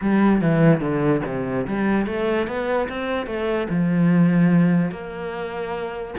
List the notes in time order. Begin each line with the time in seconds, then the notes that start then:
0.01 G3
0.41 E3
0.80 D3
1.25 C3
1.67 G3
2.06 A3
2.47 B3
2.88 C4
3.26 A3
3.69 F3
4.91 A#3